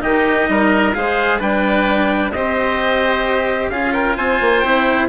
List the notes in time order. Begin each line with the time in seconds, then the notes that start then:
0.00 D#3 D#4 G4 D#5
0.48 G3 A#4
0.94 G#3 G#4 C5 F5
1.39 G3 D4 B4 G5
2.32 C4 G4 C5 D#5
3.70 C#4 F4 G#4 F5
3.93 A#4 G5
4.17 C4 C5 G#5
4.40 A#3
4.59 C4 E4 G5